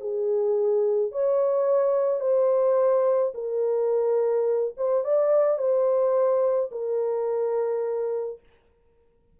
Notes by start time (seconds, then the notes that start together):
0.00 G#4
1.12 C#5
2.20 C5
3.34 A#4
4.77 C5
5.04 D5
5.58 C5
6.71 A#4